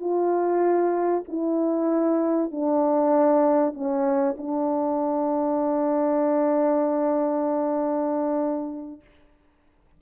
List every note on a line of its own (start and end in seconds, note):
0.00 1.24 F4
1.28 2.51 E4
2.51 3.73 D4
3.73 4.35 C#4
4.37 9.01 D4